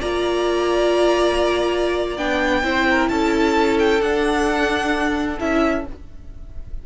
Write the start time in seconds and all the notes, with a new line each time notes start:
0.00 A#3 F4 D5 A#5
2.18 B3 D4 G5
2.63 C4 E4 C5
2.90 A#4
3.09 C#4 A4 A5
3.79 G5
4.01 D4 F#5
5.39 C#4 E4 E5